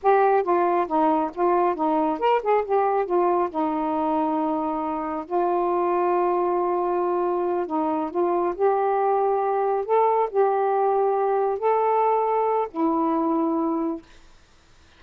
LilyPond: \new Staff \with { instrumentName = "saxophone" } { \time 4/4 \tempo 4 = 137 g'4 f'4 dis'4 f'4 | dis'4 ais'8 gis'8 g'4 f'4 | dis'1 | f'1~ |
f'4. dis'4 f'4 g'8~ | g'2~ g'8 a'4 g'8~ | g'2~ g'8 a'4.~ | a'4 e'2. | }